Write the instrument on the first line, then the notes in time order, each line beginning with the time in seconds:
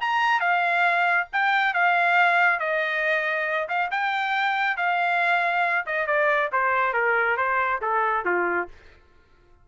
trumpet
0.00 A#5
0.40 F5
1.32 G5
1.74 F5
2.59 D#5
3.68 F5
3.91 G5
4.77 F5
5.86 D#5
6.07 D5
6.52 C5
6.93 A#4
7.37 C5
7.81 A4
8.25 F4